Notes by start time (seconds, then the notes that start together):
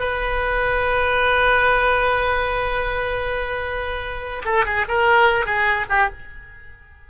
0.00 B4
4.45 A4
4.66 G#4
4.89 A#4
5.46 G#4
5.90 G4